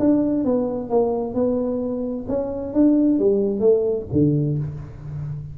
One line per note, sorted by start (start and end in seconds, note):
0.00 0.45 D4
0.45 0.90 B3
0.90 1.35 A#3
1.35 2.26 B3
2.29 2.74 C#4
2.74 3.20 D4
3.20 3.60 G3
3.60 4.06 A3
4.13 4.58 D3